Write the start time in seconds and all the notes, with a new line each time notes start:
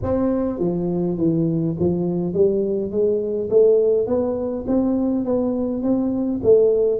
0.02 C4
0.59 F3
1.17 E3
1.79 F3
2.33 G3
2.91 G#3
3.50 A3
4.06 B3
4.67 C4
5.24 B3
5.82 C4
6.43 A3